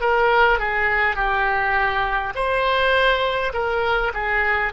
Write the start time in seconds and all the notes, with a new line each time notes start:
0.00 A#4
0.58 G#4
1.16 G4
2.35 C5
3.53 A#4
4.13 G#4